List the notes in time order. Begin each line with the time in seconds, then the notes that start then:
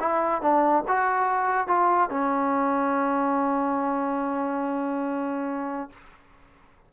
0.00 E4
0.42 D4
0.88 F#4
1.68 F4
2.10 C#4